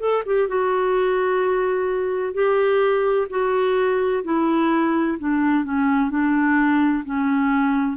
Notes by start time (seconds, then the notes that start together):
0.00 A4
0.26 G4
0.49 F#4
2.34 G4
3.30 F#4
4.24 E4
5.19 D4
5.65 C#4
6.11 D4
7.05 C#4